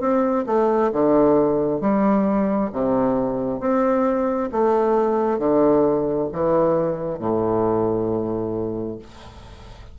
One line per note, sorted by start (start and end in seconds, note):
0.00 0.45 C4
0.46 0.91 A3
0.92 1.81 D3
1.81 2.70 G3
2.72 3.60 C3
3.60 4.49 C4
4.52 5.39 A3
5.39 6.28 D3
6.32 7.19 E3
7.19 8.98 A2